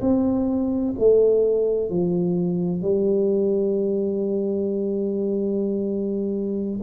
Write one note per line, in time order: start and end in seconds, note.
0.00 0.94 C4
0.98 1.90 A3
1.90 2.82 F3
2.82 6.80 G3